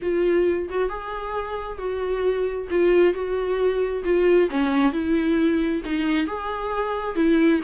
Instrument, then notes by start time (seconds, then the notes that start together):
viola
0.02 F4
0.69 F#4
0.89 G#4
1.78 F#4
2.70 F4
3.13 F#4
4.04 F4
4.49 C#4
4.92 E4
5.84 D#4
6.26 G#4
7.15 E4